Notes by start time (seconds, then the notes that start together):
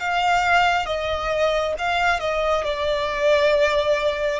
0.00 F5
0.86 D#5
1.78 F5
2.20 D#5
2.65 D5